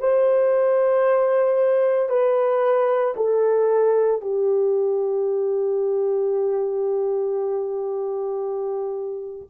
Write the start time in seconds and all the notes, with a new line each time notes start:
0.00 C5
2.10 B4
3.17 A4
4.22 G4